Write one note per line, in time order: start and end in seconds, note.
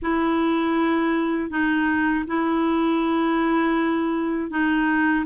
0.02 1.50 E4
1.50 2.25 D#4
2.27 4.50 E4
4.50 5.25 D#4